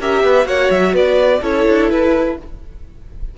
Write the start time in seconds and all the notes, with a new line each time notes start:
0.00 C#4 G4 A#4 E5
0.24 B3 B4
0.44 A#3 F#4 C#5 F#5
0.71 F#3 E5
0.94 B3 B4 D5
1.41 C#4 E4 A4 C#5
1.68 D4
1.90 E4 B4